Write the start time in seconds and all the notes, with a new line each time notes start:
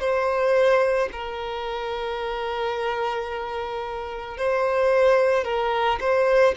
0.00 C5
1.13 A#4
4.37 C5
5.44 A#4
6.00 C5